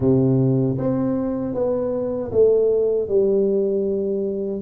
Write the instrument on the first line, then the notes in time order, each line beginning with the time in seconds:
tuba
0.00 C3
0.77 C4
1.54 B3
2.31 A3
3.08 G3